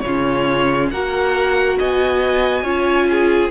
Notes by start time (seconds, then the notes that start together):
0.00 C#3 F4 C#5
0.07 C#4
0.90 A#3 F#4 A#4 F#5
1.78 B3 D#5 G#5
2.63 C#4 F4 C#5
3.10 G#4